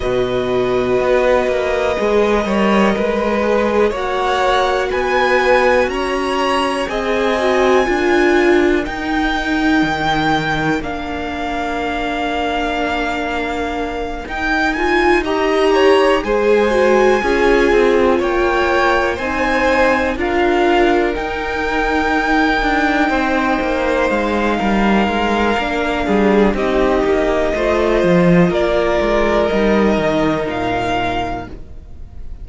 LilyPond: <<
  \new Staff \with { instrumentName = "violin" } { \time 4/4 \tempo 4 = 61 dis''1 | fis''4 gis''4 ais''4 gis''4~ | gis''4 g''2 f''4~ | f''2~ f''8 g''8 gis''8 ais''8~ |
ais''8 gis''2 g''4 gis''8~ | gis''8 f''4 g''2~ g''8~ | g''8 f''2~ f''8 dis''4~ | dis''4 d''4 dis''4 f''4 | }
  \new Staff \with { instrumentName = "violin" } { \time 4/4 b'2~ b'8 cis''8 b'4 | cis''4 b'4 cis''4 dis''4 | ais'1~ | ais'2.~ ais'8 dis''8 |
cis''8 c''4 gis'4 cis''4 c''8~ | c''8 ais'2. c''8~ | c''4 ais'4. gis'8 g'4 | c''4 ais'2. | }
  \new Staff \with { instrumentName = "viola" } { \time 4/4 fis'2 gis'8 ais'4 gis'8 | fis'2. gis'8 fis'8 | f'4 dis'2 d'4~ | d'2~ d'8 dis'8 f'8 g'8~ |
g'8 gis'8 fis'8 f'2 dis'8~ | dis'8 f'4 dis'2~ dis'8~ | dis'2 d'4 dis'4 | f'2 dis'2 | }
  \new Staff \with { instrumentName = "cello" } { \time 4/4 b,4 b8 ais8 gis8 g8 gis4 | ais4 b4 cis'4 c'4 | d'4 dis'4 dis4 ais4~ | ais2~ ais8 dis'4.~ |
dis'8 gis4 cis'8 c'8 ais4 c'8~ | c'8 d'4 dis'4. d'8 c'8 | ais8 gis8 g8 gis8 ais8 g8 c'8 ais8 | a8 f8 ais8 gis8 g8 dis8 ais,4 | }
>>